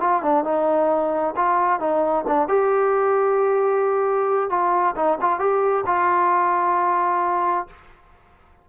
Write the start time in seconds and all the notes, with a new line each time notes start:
0.00 F4
0.22 D4
0.44 D#4
1.36 F4
1.80 D#4
2.27 D4
2.48 G4
4.50 F4
4.96 D#4
5.21 F4
5.39 G4
5.86 F4